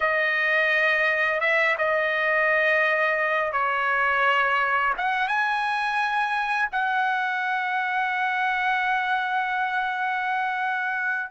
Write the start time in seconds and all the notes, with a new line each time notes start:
0.00 D#5
1.40 E5
1.78 D#5
3.52 C#5
4.97 F#5
5.28 G#5
6.72 F#5